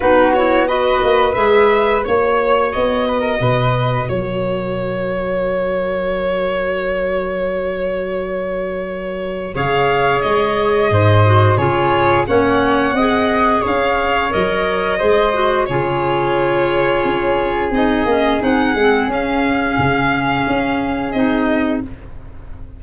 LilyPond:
<<
  \new Staff \with { instrumentName = "violin" } { \time 4/4 \tempo 4 = 88 b'8 cis''8 dis''4 e''4 cis''4 | dis''2 cis''2~ | cis''1~ | cis''2 f''4 dis''4~ |
dis''4 cis''4 fis''2 | f''4 dis''2 cis''4~ | cis''2 dis''4 fis''4 | f''2. dis''4 | }
  \new Staff \with { instrumentName = "flute" } { \time 4/4 fis'4 b'2 cis''4~ | cis''8 b'16 ais'16 b'4 ais'2~ | ais'1~ | ais'2 cis''2 |
c''4 gis'4 cis''4 dis''4 | cis''2 c''4 gis'4~ | gis'1~ | gis'1 | }
  \new Staff \with { instrumentName = "clarinet" } { \time 4/4 dis'8 e'8 fis'4 gis'4 fis'4~ | fis'1~ | fis'1~ | fis'2 gis'2~ |
gis'8 fis'8 f'4 cis'4 gis'4~ | gis'4 ais'4 gis'8 fis'8 f'4~ | f'2 dis'8 cis'8 dis'8 c'8 | cis'2. dis'4 | }
  \new Staff \with { instrumentName = "tuba" } { \time 4/4 b4. ais8 gis4 ais4 | b4 b,4 fis2~ | fis1~ | fis2 cis4 gis4 |
gis,4 cis4 ais4 c'4 | cis'4 fis4 gis4 cis4~ | cis4 cis'4 c'8 ais8 c'8 gis8 | cis'4 cis4 cis'4 c'4 | }
>>